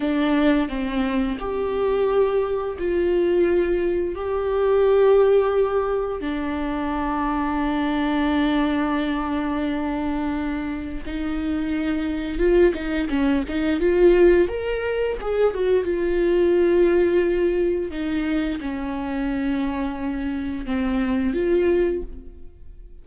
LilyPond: \new Staff \with { instrumentName = "viola" } { \time 4/4 \tempo 4 = 87 d'4 c'4 g'2 | f'2 g'2~ | g'4 d'2.~ | d'1 |
dis'2 f'8 dis'8 cis'8 dis'8 | f'4 ais'4 gis'8 fis'8 f'4~ | f'2 dis'4 cis'4~ | cis'2 c'4 f'4 | }